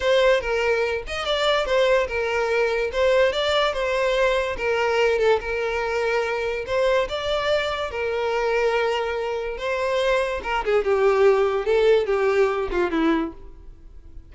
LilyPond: \new Staff \with { instrumentName = "violin" } { \time 4/4 \tempo 4 = 144 c''4 ais'4. dis''8 d''4 | c''4 ais'2 c''4 | d''4 c''2 ais'4~ | ais'8 a'8 ais'2. |
c''4 d''2 ais'4~ | ais'2. c''4~ | c''4 ais'8 gis'8 g'2 | a'4 g'4. f'8 e'4 | }